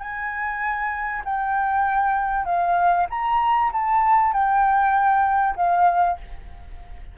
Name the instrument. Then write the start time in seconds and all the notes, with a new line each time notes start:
flute
0.00 G#5
1.25 G5
2.45 F5
3.10 A#5
3.73 A5
4.33 G5
5.56 F5